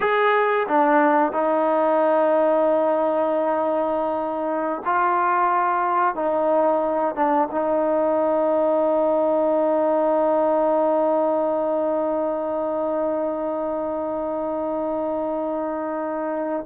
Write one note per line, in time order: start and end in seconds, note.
0.00 0.66 G#4
0.68 1.32 D4
1.32 4.82 D#4
4.85 6.15 F4
6.15 7.15 D#4
7.15 7.48 D4
7.51 16.66 D#4